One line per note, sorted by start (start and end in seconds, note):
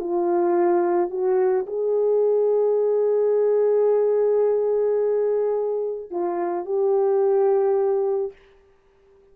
0.00 1.11 F4
1.11 1.66 F#4
1.67 6.11 G#4
6.11 6.66 F4
6.66 8.33 G4